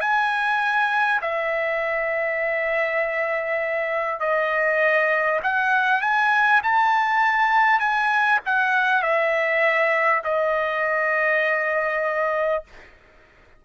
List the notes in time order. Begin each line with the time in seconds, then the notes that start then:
0.00 G#5
1.22 E5
4.20 D#5
5.43 F#5
6.01 G#5
6.63 A5
7.79 G#5
8.45 F#5
9.02 E5
10.24 D#5